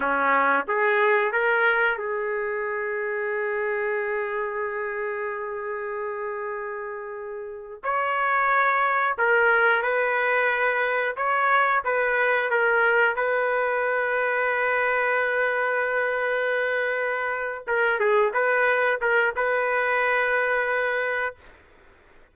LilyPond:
\new Staff \with { instrumentName = "trumpet" } { \time 4/4 \tempo 4 = 90 cis'4 gis'4 ais'4 gis'4~ | gis'1~ | gis'2.~ gis'8. cis''16~ | cis''4.~ cis''16 ais'4 b'4~ b'16~ |
b'8. cis''4 b'4 ais'4 b'16~ | b'1~ | b'2~ b'8 ais'8 gis'8 b'8~ | b'8 ais'8 b'2. | }